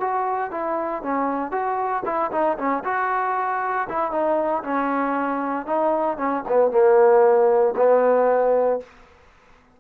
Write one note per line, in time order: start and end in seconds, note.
0.00 0.51 F#4
0.51 1.03 E4
1.03 1.51 C#4
1.51 2.03 F#4
2.05 2.31 E4
2.32 2.57 D#4
2.58 2.84 C#4
2.84 3.88 F#4
3.89 4.11 E4
4.11 4.63 D#4
4.63 5.66 C#4
5.66 6.18 D#4
6.18 6.43 C#4
6.48 6.71 B3
6.71 7.75 A#3
7.77 8.80 B3